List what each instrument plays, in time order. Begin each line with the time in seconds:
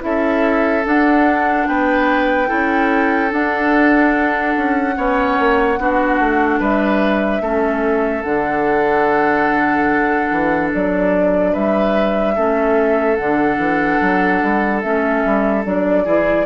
0.00 bassoon C#4, clarinet E4, oboe A4, flute E5
0.85 clarinet D4, bassoon D4, flute F#5
1.67 bassoon B3, oboe B4, flute G5
2.47 bassoon C#4, clarinet E4, oboe A4
3.30 clarinet D4, bassoon D4, flute F#5
4.56 bassoon C#4
4.96 bassoon B3, clarinet C#4, oboe C#5
5.39 bassoon A#3
5.79 bassoon B3, clarinet D4, oboe F#4
6.19 bassoon A3
6.59 bassoon G3, oboe B4, flute E5
7.41 bassoon A3, clarinet C#4, oboe A4
8.23 bassoon D3, clarinet D4, flute F#5
10.31 bassoon E3
10.74 bassoon F#3, flute D5
11.52 bassoon G3, oboe B4, flute E5
12.35 bassoon A3, clarinet C#4, oboe A4
13.16 bassoon D3, clarinet D4, flute F#5
13.58 bassoon E3
14.01 bassoon F#3
14.42 bassoon G3
14.82 bassoon A3, clarinet C#4, flute E5
15.25 bassoon G3
15.64 bassoon F#3, clarinet D4, flute D5
16.04 bassoon E3, clarinet E4, oboe G#4